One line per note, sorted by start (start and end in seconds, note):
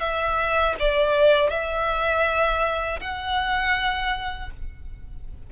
0.00 0.75 E5
0.79 1.50 D5
1.50 3.00 E5
3.00 4.50 F#5